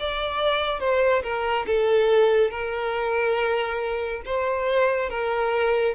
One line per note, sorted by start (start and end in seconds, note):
0.00 0.80 D5
0.80 1.23 C5
1.23 1.66 A#4
1.67 2.51 A4
2.51 4.22 A#4
4.25 5.10 C5
5.10 5.95 A#4